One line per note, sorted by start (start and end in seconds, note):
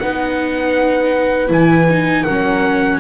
0.00 1.50 B3
0.00 1.48 D#4
0.00 2.23 B4
0.00 1.50 F#5
1.48 2.25 E3
1.48 1.85 E4
1.48 2.24 G#5
1.90 2.27 D#4
2.23 3.01 F#3
2.23 3.01 C#4
2.23 2.98 A#4
2.23 2.99 F#5